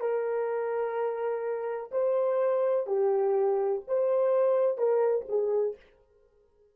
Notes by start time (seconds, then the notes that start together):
0.00 A#4
1.91 C5
2.87 G4
3.87 C5
4.77 A#4
5.29 G#4